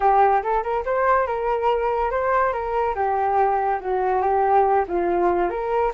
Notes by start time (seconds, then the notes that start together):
0.00 G4
0.42 A4
0.63 A#4
0.85 C5
1.26 A#4
2.10 C5
2.52 A#4
2.95 G4
3.80 F#4
4.22 G4
4.88 F4
5.49 A#4